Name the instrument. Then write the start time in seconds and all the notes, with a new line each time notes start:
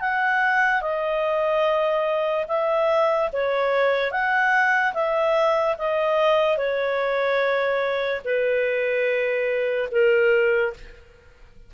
clarinet
0.00 F#5
0.81 D#5
2.48 E5
3.33 C#5
4.11 F#5
4.94 E5
5.78 D#5
6.57 C#5
8.25 B4
9.92 A#4